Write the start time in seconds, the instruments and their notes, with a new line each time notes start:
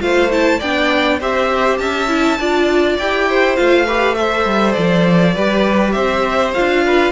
0.00 cello A3, viola F4, violin C5 F5
0.31 viola E4, violin A5
0.59 cello B3, viola D4, violin D5 G5
1.21 cello C4, viola G4, violin C5 E5
1.78 cello C#4, violin E5 A5
2.08 viola E4
2.39 cello D4, viola F4, violin D5
2.99 cello E4, viola G4, violin G5
3.29 violin C5
3.56 cello A3, viola F4, violin F5
3.86 viola G4, violin B4
4.15 viola A4, violin C5 E5
4.45 cello G3
4.73 cello F3, violin D5
5.35 cello G3, viola G4, violin B4
5.92 cello C4, violin C5 E5
6.54 cello D4, viola F4, violin F5
6.85 violin B4